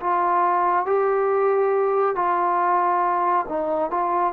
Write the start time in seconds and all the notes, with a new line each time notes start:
0.00 F4
0.86 G4
2.15 F4
3.49 D#4
3.91 F4